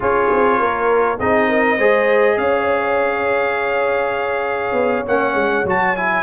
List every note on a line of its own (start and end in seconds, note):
0.00 0.31 C#4
0.00 1.17 F4
0.00 0.59 G#4
0.00 1.19 C#5
0.32 0.59 C4
0.59 1.19 A#3
0.59 1.18 A#4
1.19 1.78 C4
1.19 1.78 D#4
1.19 1.48 G#4
1.19 2.38 D#5
1.48 1.77 A#4
1.77 2.37 G#3
1.77 5.05 G#4
1.77 2.37 C5
2.37 4.72 C#4
2.37 6.23 C#5
2.37 5.05 F5
4.72 5.02 B3
5.06 5.34 A#3
5.06 5.65 C#4
5.06 5.66 F#5
5.34 5.64 G#3
5.64 6.23 F#3
5.64 5.96 F#4
5.64 5.96 A5
5.96 6.23 E4
5.96 6.23 G#5